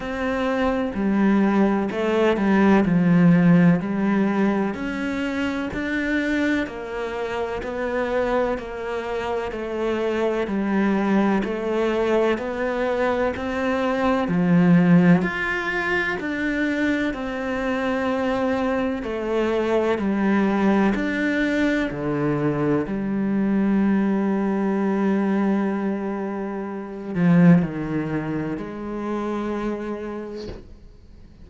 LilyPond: \new Staff \with { instrumentName = "cello" } { \time 4/4 \tempo 4 = 63 c'4 g4 a8 g8 f4 | g4 cis'4 d'4 ais4 | b4 ais4 a4 g4 | a4 b4 c'4 f4 |
f'4 d'4 c'2 | a4 g4 d'4 d4 | g1~ | g8 f8 dis4 gis2 | }